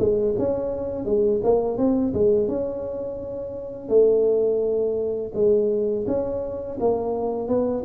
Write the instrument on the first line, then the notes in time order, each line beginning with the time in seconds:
tuba
0.00 G#3
0.39 C#4
1.06 G#3
1.44 A#3
1.78 C4
2.14 G#3
2.48 C#4
3.89 A3
5.35 G#3
6.07 C#4
6.81 A#3
7.48 B3